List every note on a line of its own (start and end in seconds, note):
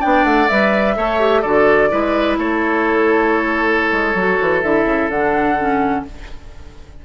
0.00 0.24 B3
0.00 0.49 D4
0.00 0.94 D5
0.00 0.25 G5
0.24 0.48 A3
0.24 0.49 F#5
0.49 0.97 G3
0.49 0.97 B4
0.49 1.42 E5
0.97 1.44 A3
0.97 1.20 A4
0.97 1.42 C#5
1.20 1.44 G4
1.42 1.92 D3
1.42 1.90 F#4
1.42 1.89 A4
1.42 2.37 D5
1.90 2.38 G#3
1.90 4.15 E4
1.90 2.39 B4
2.38 3.92 A3
2.38 6.05 A4
2.38 4.63 C#5
3.93 4.15 G#3
4.15 4.38 F#3
4.15 4.63 F#4
4.41 4.64 E3
4.63 4.85 D3
4.63 5.11 E4
4.63 5.10 E5
4.85 5.09 C#3
5.09 6.03 D3
5.09 5.58 D4
5.09 6.05 F#5
5.58 6.06 C#4